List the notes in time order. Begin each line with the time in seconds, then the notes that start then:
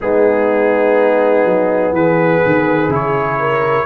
0.00 G#3 B3 D#4 G#4
1.44 F#3
1.92 E3 G#4 B4
2.45 D#3
2.88 C#3 E4 C#5
3.39 A#4